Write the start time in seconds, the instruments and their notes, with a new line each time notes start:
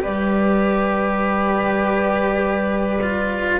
0.00 double bass G3, cello G4, viola B4, flute D5
3.02 cello F4